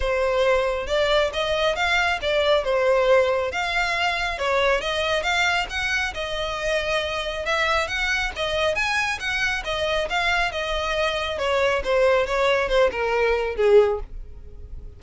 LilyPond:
\new Staff \with { instrumentName = "violin" } { \time 4/4 \tempo 4 = 137 c''2 d''4 dis''4 | f''4 d''4 c''2 | f''2 cis''4 dis''4 | f''4 fis''4 dis''2~ |
dis''4 e''4 fis''4 dis''4 | gis''4 fis''4 dis''4 f''4 | dis''2 cis''4 c''4 | cis''4 c''8 ais'4. gis'4 | }